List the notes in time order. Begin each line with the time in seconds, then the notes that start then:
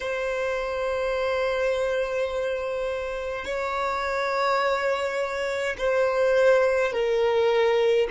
0.00 C5
3.45 C#5
5.77 C5
6.92 A#4